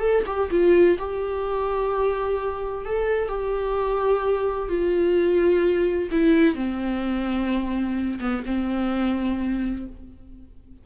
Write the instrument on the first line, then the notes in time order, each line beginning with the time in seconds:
viola
0.00 A4
0.26 G4
0.51 F4
0.99 G4
2.85 A4
3.29 G4
4.69 F4
6.12 E4
6.55 C4
8.20 B3
8.46 C4